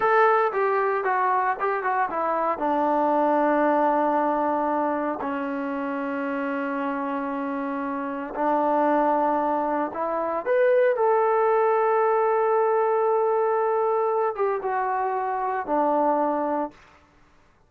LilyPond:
\new Staff \with { instrumentName = "trombone" } { \time 4/4 \tempo 4 = 115 a'4 g'4 fis'4 g'8 fis'8 | e'4 d'2.~ | d'2 cis'2~ | cis'1 |
d'2. e'4 | b'4 a'2.~ | a'2.~ a'8 g'8 | fis'2 d'2 | }